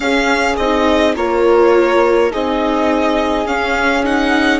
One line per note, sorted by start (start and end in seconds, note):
0.00 0.56 C#4
0.00 1.16 G#4
0.00 0.55 F5
0.56 1.15 C4
0.56 1.16 D#4
0.56 1.14 D#5
1.16 2.31 A#3
1.16 2.30 F4
1.16 2.31 A#4
1.16 2.31 C#5
2.30 3.46 C4
2.30 3.45 D#4
2.30 4.60 G#4
2.30 3.46 D#5
3.45 4.03 C#4
3.45 4.60 C#4
3.45 4.04 F5
4.03 4.60 D#4
4.03 4.60 F#5